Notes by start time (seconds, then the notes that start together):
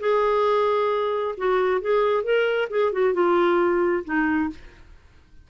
0.00 G#4
1.37 F#4
1.81 G#4
2.23 A#4
2.70 G#4
2.92 F#4
3.14 F4
4.05 D#4